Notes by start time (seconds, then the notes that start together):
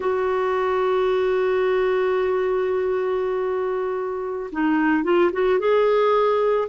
0.00 F#4
4.51 D#4
5.03 F4
5.32 F#4
5.59 G#4